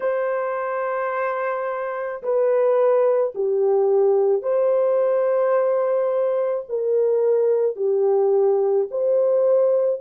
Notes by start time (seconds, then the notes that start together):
0.00 C5
2.22 B4
3.34 G4
4.42 C5
6.69 A#4
7.76 G4
8.90 C5